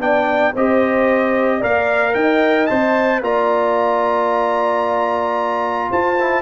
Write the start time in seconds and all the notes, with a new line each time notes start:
0.00 B3 D4 D5 G5
0.54 C4 G4 C5 D#5
1.59 A#3 A#4 D5 F5
2.15 D#4 D#5 G5
2.67 C4 C5 A5
3.22 A#3 F4 D5 A#5
5.90 F4 C5 A5
6.20 E4